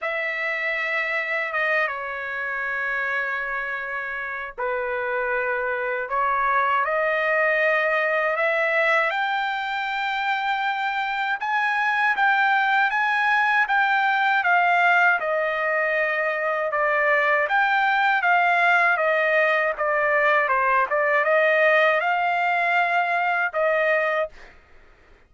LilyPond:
\new Staff \with { instrumentName = "trumpet" } { \time 4/4 \tempo 4 = 79 e''2 dis''8 cis''4.~ | cis''2 b'2 | cis''4 dis''2 e''4 | g''2. gis''4 |
g''4 gis''4 g''4 f''4 | dis''2 d''4 g''4 | f''4 dis''4 d''4 c''8 d''8 | dis''4 f''2 dis''4 | }